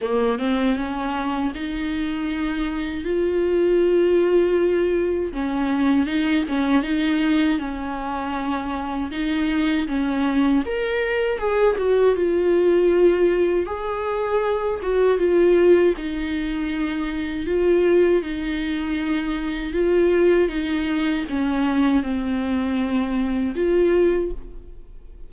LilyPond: \new Staff \with { instrumentName = "viola" } { \time 4/4 \tempo 4 = 79 ais8 c'8 cis'4 dis'2 | f'2. cis'4 | dis'8 cis'8 dis'4 cis'2 | dis'4 cis'4 ais'4 gis'8 fis'8 |
f'2 gis'4. fis'8 | f'4 dis'2 f'4 | dis'2 f'4 dis'4 | cis'4 c'2 f'4 | }